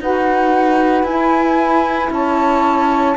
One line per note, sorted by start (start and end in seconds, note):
0.00 1.03 D#4
0.00 1.06 F#4
0.00 2.12 B4
0.00 1.04 F#5
1.03 2.08 E4
1.03 3.16 E4
1.03 2.09 G#5
2.10 3.15 C#4
2.10 3.16 C#5
2.10 3.16 A5